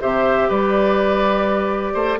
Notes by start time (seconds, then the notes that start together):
0.00 C3 G4 C5 E5
0.49 G3 B4 D5
1.94 A3 C5